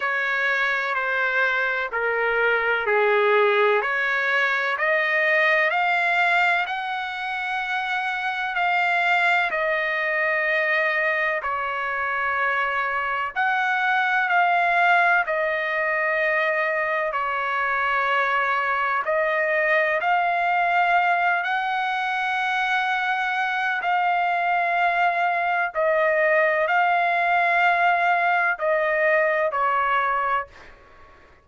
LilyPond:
\new Staff \with { instrumentName = "trumpet" } { \time 4/4 \tempo 4 = 63 cis''4 c''4 ais'4 gis'4 | cis''4 dis''4 f''4 fis''4~ | fis''4 f''4 dis''2 | cis''2 fis''4 f''4 |
dis''2 cis''2 | dis''4 f''4. fis''4.~ | fis''4 f''2 dis''4 | f''2 dis''4 cis''4 | }